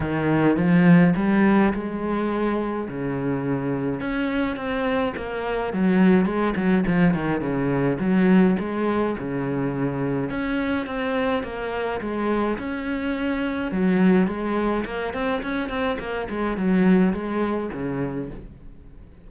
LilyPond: \new Staff \with { instrumentName = "cello" } { \time 4/4 \tempo 4 = 105 dis4 f4 g4 gis4~ | gis4 cis2 cis'4 | c'4 ais4 fis4 gis8 fis8 | f8 dis8 cis4 fis4 gis4 |
cis2 cis'4 c'4 | ais4 gis4 cis'2 | fis4 gis4 ais8 c'8 cis'8 c'8 | ais8 gis8 fis4 gis4 cis4 | }